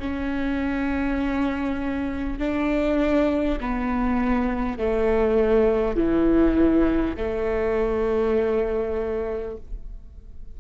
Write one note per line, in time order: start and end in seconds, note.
0.00 2.39 C#4
2.39 3.59 D4
3.61 4.79 B3
4.79 5.96 A3
5.96 7.16 E3
7.17 9.57 A3